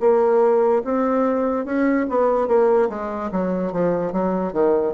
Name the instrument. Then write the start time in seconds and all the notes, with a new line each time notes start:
bassoon
0.00 A#3
0.84 C4
1.66 C#4
2.09 B3
2.48 A#3
2.89 G#3
3.31 F#3
3.72 F3
4.12 F#3
4.53 D#3